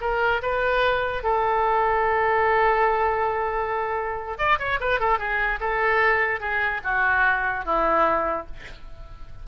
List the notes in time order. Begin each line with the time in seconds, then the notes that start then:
0.00 A#4
0.42 B4
1.23 A4
4.38 D5
4.59 C#5
4.80 B4
4.99 A4
5.18 G#4
5.60 A4
6.40 G#4
6.83 F#4
7.65 E4